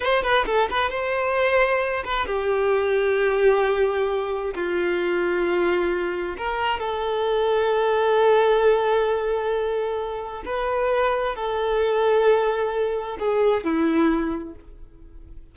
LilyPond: \new Staff \with { instrumentName = "violin" } { \time 4/4 \tempo 4 = 132 c''8 b'8 a'8 b'8 c''2~ | c''8 b'8 g'2.~ | g'2 f'2~ | f'2 ais'4 a'4~ |
a'1~ | a'2. b'4~ | b'4 a'2.~ | a'4 gis'4 e'2 | }